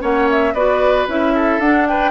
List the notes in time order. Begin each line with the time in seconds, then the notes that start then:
0.00 A#3 C#4 C#5 F#5
0.30 E5
0.53 B3 F#4 B4 D5
1.07 C#4 E4 E5
1.35 A4
1.59 D4 F#5
1.87 B4 G5